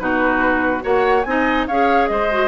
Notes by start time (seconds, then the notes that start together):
0.00 B2 D#4 F#4 B4
0.81 A#3 F#4 C#5 F#5
1.23 C4 D#4 G#5
1.30 D#5
1.67 C#4 G#4 C#5 F5
2.08 G#3 C5 D#5
2.32 F#4